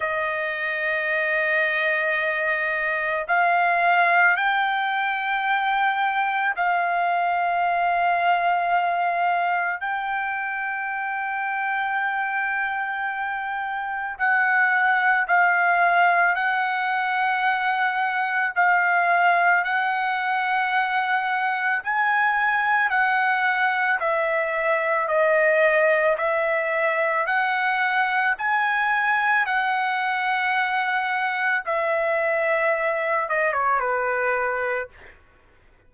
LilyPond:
\new Staff \with { instrumentName = "trumpet" } { \time 4/4 \tempo 4 = 55 dis''2. f''4 | g''2 f''2~ | f''4 g''2.~ | g''4 fis''4 f''4 fis''4~ |
fis''4 f''4 fis''2 | gis''4 fis''4 e''4 dis''4 | e''4 fis''4 gis''4 fis''4~ | fis''4 e''4. dis''16 cis''16 b'4 | }